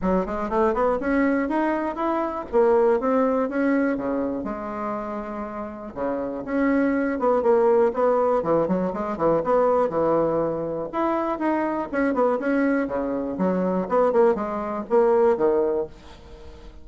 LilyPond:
\new Staff \with { instrumentName = "bassoon" } { \time 4/4 \tempo 4 = 121 fis8 gis8 a8 b8 cis'4 dis'4 | e'4 ais4 c'4 cis'4 | cis4 gis2. | cis4 cis'4. b8 ais4 |
b4 e8 fis8 gis8 e8 b4 | e2 e'4 dis'4 | cis'8 b8 cis'4 cis4 fis4 | b8 ais8 gis4 ais4 dis4 | }